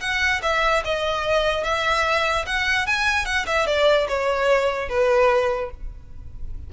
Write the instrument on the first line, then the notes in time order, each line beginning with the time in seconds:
violin
0.00 F#5
0.42 E5
0.84 D#5
1.64 E5
2.46 F#5
2.86 G#5
3.25 F#5
3.46 E5
3.66 D5
4.08 C#5
4.88 B4